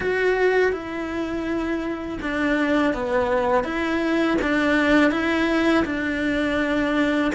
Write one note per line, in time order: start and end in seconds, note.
0.00 0.72 F#4
0.72 2.18 E4
2.22 2.93 D4
2.93 3.64 B3
3.64 4.37 E4
4.41 5.11 D4
5.11 5.84 E4
5.85 7.31 D4